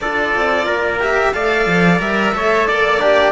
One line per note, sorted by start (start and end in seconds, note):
0.01 0.34 D4
0.01 1.00 F4
0.01 0.65 A4
0.01 1.01 D5
0.35 0.66 C4
0.65 1.33 A#3
0.65 1.32 A#4
1.00 1.33 G4
1.00 1.33 E5
1.33 1.66 A3
1.33 1.99 A4
1.33 2.34 D5
1.33 1.99 F5
1.66 1.99 F3
1.99 2.33 G3
1.99 2.33 A#4
1.99 2.66 E5
2.34 2.67 A3
2.34 3.01 A4
2.34 2.67 C#5
2.66 3.32 A#3
2.66 3.32 D5
2.66 2.99 D5
2.99 3.32 D4
2.99 3.32 G4